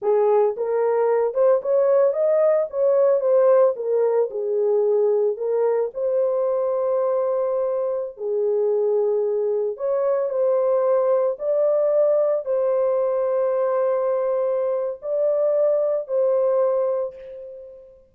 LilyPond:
\new Staff \with { instrumentName = "horn" } { \time 4/4 \tempo 4 = 112 gis'4 ais'4. c''8 cis''4 | dis''4 cis''4 c''4 ais'4 | gis'2 ais'4 c''4~ | c''2.~ c''16 gis'8.~ |
gis'2~ gis'16 cis''4 c''8.~ | c''4~ c''16 d''2 c''8.~ | c''1 | d''2 c''2 | }